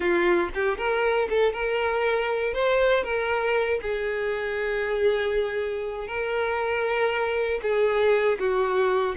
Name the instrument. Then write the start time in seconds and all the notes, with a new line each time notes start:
violin
0.00 F4
0.54 G4
0.77 A#4
1.29 A4
1.53 A#4
2.53 C5
3.03 A#4
3.81 G#4
6.07 A#4
7.62 G#4
8.39 F#4